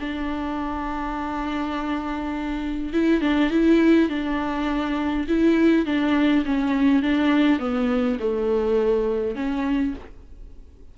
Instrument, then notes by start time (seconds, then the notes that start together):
viola
0.00 D4
2.94 E4
3.22 D4
3.51 E4
4.09 D4
5.28 E4
5.86 D4
6.45 C#4
7.03 D4
7.59 B3
8.20 A3
9.36 C#4